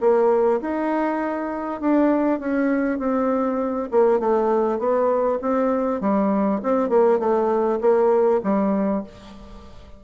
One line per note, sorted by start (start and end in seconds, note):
0.00 0.60 A#3
0.61 1.80 D#4
1.80 2.39 D4
2.39 2.98 C#4
2.98 3.88 C4
3.91 4.19 A#3
4.19 4.78 A3
4.78 5.38 B3
5.41 6.01 C4
6.01 6.61 G3
6.62 6.89 C4
6.89 7.19 A#3
7.19 7.79 A3
7.80 8.40 A#3
8.43 9.03 G3